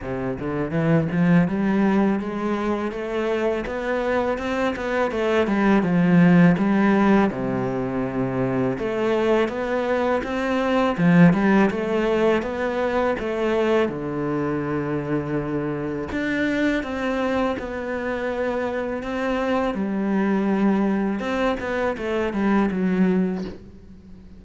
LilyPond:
\new Staff \with { instrumentName = "cello" } { \time 4/4 \tempo 4 = 82 c8 d8 e8 f8 g4 gis4 | a4 b4 c'8 b8 a8 g8 | f4 g4 c2 | a4 b4 c'4 f8 g8 |
a4 b4 a4 d4~ | d2 d'4 c'4 | b2 c'4 g4~ | g4 c'8 b8 a8 g8 fis4 | }